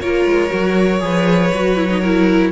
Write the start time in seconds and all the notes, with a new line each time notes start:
0.00 A#3 F4 A#4 C#5
0.26 G#3
0.50 F#3 F#4
1.00 F3 G#4 B4
1.54 F#3 F#4
1.77 E4
1.89 D#4
2.00 E4 A#4